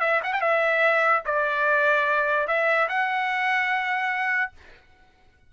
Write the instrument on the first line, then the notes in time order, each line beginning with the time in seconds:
trumpet
0.00 E5
0.23 F#5
0.33 G5
0.41 E5
1.25 D5
2.47 E5
2.88 F#5